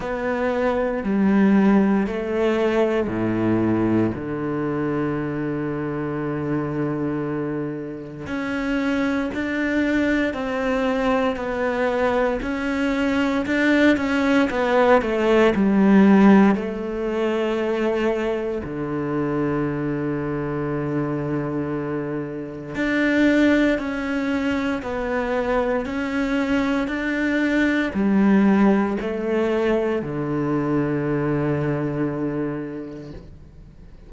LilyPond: \new Staff \with { instrumentName = "cello" } { \time 4/4 \tempo 4 = 58 b4 g4 a4 a,4 | d1 | cis'4 d'4 c'4 b4 | cis'4 d'8 cis'8 b8 a8 g4 |
a2 d2~ | d2 d'4 cis'4 | b4 cis'4 d'4 g4 | a4 d2. | }